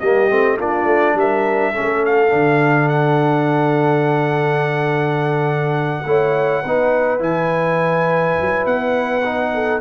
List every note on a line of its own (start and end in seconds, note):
0.00 0.31 G3
0.00 0.30 A#3
0.00 0.57 G4
0.00 0.58 D#5
0.30 0.60 A3
0.30 0.59 C4
0.57 0.85 A#3
0.57 1.74 D4
0.57 1.15 F4
0.57 1.19 D5
0.85 1.14 A3
1.15 1.73 G3
1.15 1.73 A#4
1.15 2.06 E5
1.73 2.29 C#4
1.73 6.05 A4
1.80 2.33 A3
2.06 2.89 F5
2.29 6.05 D3
2.29 6.04 D4
2.89 7.22 F#5
6.05 6.63 A3
6.05 6.65 E4
6.05 6.63 C#5
6.63 7.20 B3
6.63 7.20 D#4
6.63 9.52 B4
7.20 8.35 E3
7.20 9.22 E4
7.20 8.66 G#5
8.41 8.66 F#3
8.66 9.81 B3
8.66 9.81 F#5
9.25 9.81 D#4
9.54 9.81 A4